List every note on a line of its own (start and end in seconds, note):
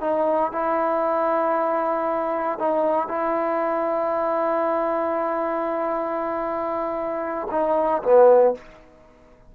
0.00 0.51 D#4
0.51 2.58 E4
2.59 3.08 D#4
3.08 7.47 E4
7.50 8.02 D#4
8.02 8.54 B3